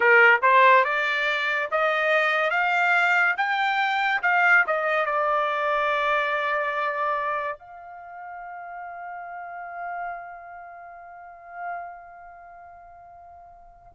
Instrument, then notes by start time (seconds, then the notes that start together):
trumpet
0.00 A#4
0.42 C5
0.84 D5
1.71 D#5
2.50 F5
3.37 G5
4.22 F5
4.66 D#5
5.05 D5
7.58 F5